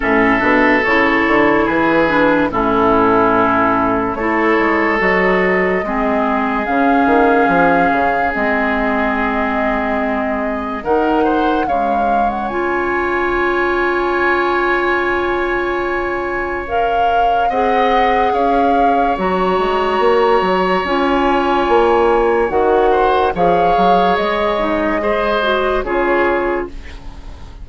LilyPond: <<
  \new Staff \with { instrumentName = "flute" } { \time 4/4 \tempo 4 = 72 e''4 cis''4 b'4 a'4~ | a'4 cis''4 dis''2 | f''2 dis''2~ | dis''4 fis''4 f''8. fis''16 gis''4~ |
gis''1 | f''4 fis''4 f''4 ais''4~ | ais''4 gis''2 fis''4 | f''4 dis''2 cis''4 | }
  \new Staff \with { instrumentName = "oboe" } { \time 4/4 a'2 gis'4 e'4~ | e'4 a'2 gis'4~ | gis'1~ | gis'4 ais'8 c''8 cis''2~ |
cis''1~ | cis''4 dis''4 cis''2~ | cis''2.~ cis''8 c''8 | cis''2 c''4 gis'4 | }
  \new Staff \with { instrumentName = "clarinet" } { \time 4/4 cis'8 d'8 e'4. d'8 cis'4~ | cis'4 e'4 fis'4 c'4 | cis'2 c'2~ | c'4 dis'4 gis4 f'4~ |
f'1 | ais'4 gis'2 fis'4~ | fis'4 f'2 fis'4 | gis'4. dis'8 gis'8 fis'8 f'4 | }
  \new Staff \with { instrumentName = "bassoon" } { \time 4/4 a,8 b,8 cis8 d8 e4 a,4~ | a,4 a8 gis8 fis4 gis4 | cis8 dis8 f8 cis8 gis2~ | gis4 dis4 cis4 cis'4~ |
cis'1~ | cis'4 c'4 cis'4 fis8 gis8 | ais8 fis8 cis'4 ais4 dis4 | f8 fis8 gis2 cis4 | }
>>